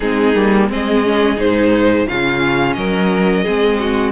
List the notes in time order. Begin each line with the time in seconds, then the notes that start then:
0.00 G#3 C4 D#4 G#4
0.35 G3 A#3
0.69 G#3 C4 G#4 D#5
1.04 C#4
1.36 G#2 D#4 C5
2.07 C#3 C#4 F4 F5
2.73 F#3 A#4 D#5
3.43 G#3 C4 G#4
3.79 F#4